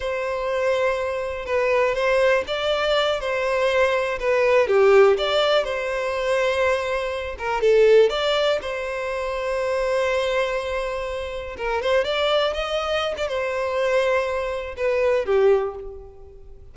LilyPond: \new Staff \with { instrumentName = "violin" } { \time 4/4 \tempo 4 = 122 c''2. b'4 | c''4 d''4. c''4.~ | c''8 b'4 g'4 d''4 c''8~ | c''2. ais'8 a'8~ |
a'8 d''4 c''2~ c''8~ | c''2.~ c''8 ais'8 | c''8 d''4 dis''4~ dis''16 d''16 c''4~ | c''2 b'4 g'4 | }